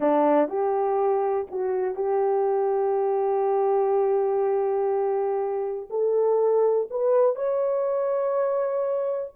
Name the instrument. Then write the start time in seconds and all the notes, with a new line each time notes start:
horn
0.00 D4
0.48 G4
1.50 F#4
1.95 G4
5.89 A4
6.90 B4
7.35 C#5